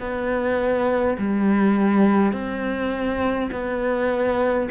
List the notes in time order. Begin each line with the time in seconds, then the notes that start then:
0.00 B3
1.19 G3
2.33 C4
3.52 B3